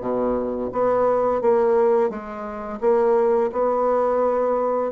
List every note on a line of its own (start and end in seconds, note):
0.00 0.70 B2
0.72 1.41 B3
1.41 2.09 A#3
2.09 2.79 G#3
2.80 3.50 A#3
3.52 4.91 B3